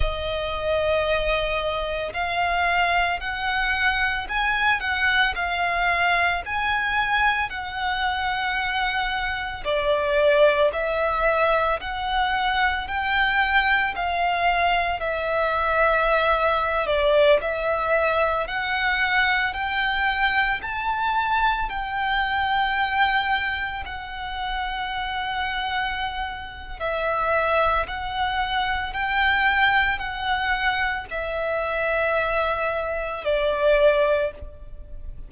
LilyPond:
\new Staff \with { instrumentName = "violin" } { \time 4/4 \tempo 4 = 56 dis''2 f''4 fis''4 | gis''8 fis''8 f''4 gis''4 fis''4~ | fis''4 d''4 e''4 fis''4 | g''4 f''4 e''4.~ e''16 d''16~ |
d''16 e''4 fis''4 g''4 a''8.~ | a''16 g''2 fis''4.~ fis''16~ | fis''4 e''4 fis''4 g''4 | fis''4 e''2 d''4 | }